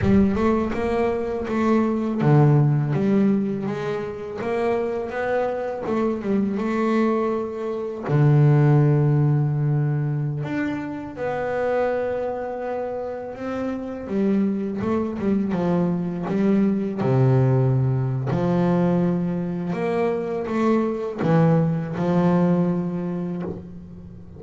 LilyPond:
\new Staff \with { instrumentName = "double bass" } { \time 4/4 \tempo 4 = 82 g8 a8 ais4 a4 d4 | g4 gis4 ais4 b4 | a8 g8 a2 d4~ | d2~ d16 d'4 b8.~ |
b2~ b16 c'4 g8.~ | g16 a8 g8 f4 g4 c8.~ | c4 f2 ais4 | a4 e4 f2 | }